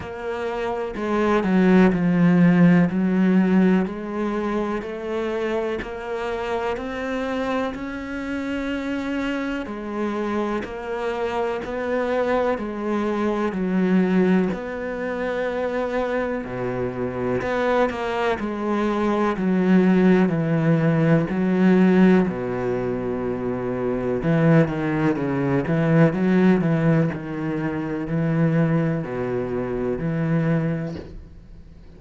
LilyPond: \new Staff \with { instrumentName = "cello" } { \time 4/4 \tempo 4 = 62 ais4 gis8 fis8 f4 fis4 | gis4 a4 ais4 c'4 | cis'2 gis4 ais4 | b4 gis4 fis4 b4~ |
b4 b,4 b8 ais8 gis4 | fis4 e4 fis4 b,4~ | b,4 e8 dis8 cis8 e8 fis8 e8 | dis4 e4 b,4 e4 | }